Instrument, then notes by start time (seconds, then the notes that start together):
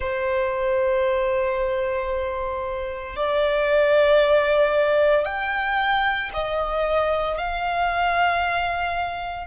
violin
0.00 C5
3.16 D5
5.25 G5
6.33 D#5
7.37 F5